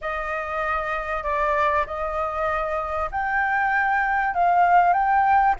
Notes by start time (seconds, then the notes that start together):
0.01 D#5
1.23 D5
1.86 D#5
3.11 G5
4.34 F5
4.93 G5